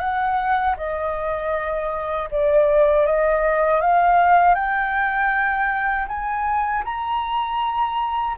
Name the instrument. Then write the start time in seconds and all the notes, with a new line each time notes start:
flute
0.00 F#5
0.77 D#5
2.31 D5
3.07 D#5
3.81 F5
4.55 G5
6.08 G#5
6.85 A#5